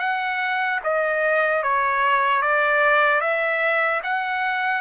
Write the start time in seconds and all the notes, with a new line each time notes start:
0.00 F#5
0.84 D#5
1.63 C#5
2.42 D5
3.21 E5
4.03 F#5